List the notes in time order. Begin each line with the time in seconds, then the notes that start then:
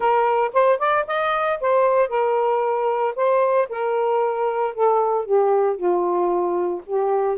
0.00 A#4
0.53 C5
0.78 D5
1.07 D#5
1.60 C5
2.09 A#4
3.15 C5
3.69 A#4
4.74 A4
5.25 G4
5.76 F4
6.85 G4